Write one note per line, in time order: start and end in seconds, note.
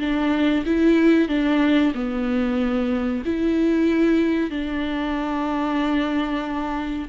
0.00 0.65 D4
0.66 1.29 E4
1.29 1.93 D4
1.95 3.24 B3
3.26 4.51 E4
4.51 7.09 D4